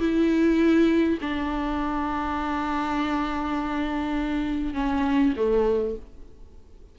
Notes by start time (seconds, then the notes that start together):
0.00 E4
1.22 D4
4.74 C#4
5.37 A3